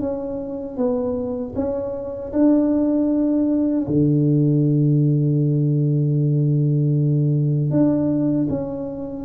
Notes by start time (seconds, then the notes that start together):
0.00 C#4
0.77 B3
1.55 C#4
2.33 D4
3.87 D3
7.71 D4
8.49 C#4